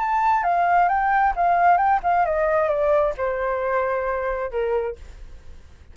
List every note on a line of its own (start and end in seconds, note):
0.00 0.44 A5
0.44 0.88 F5
0.88 1.33 G5
1.36 1.77 F5
1.77 2.00 G5
2.03 2.25 F5
2.25 2.68 D#5
2.68 3.14 D5
3.17 4.51 C5
4.51 4.96 A#4